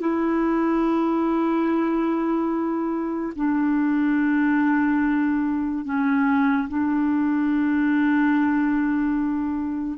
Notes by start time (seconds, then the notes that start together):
0.00 E4
3.36 D4
5.84 C#4
6.69 D4